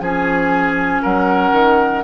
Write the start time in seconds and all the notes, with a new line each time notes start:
0.00 F3 C#4 G#4 G#5
1.02 F#3 A#4 F#5
1.52 D#3